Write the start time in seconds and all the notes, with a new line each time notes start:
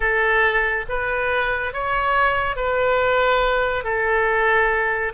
0.00 A4
0.88 B4
1.73 C#5
2.56 B4
3.84 A4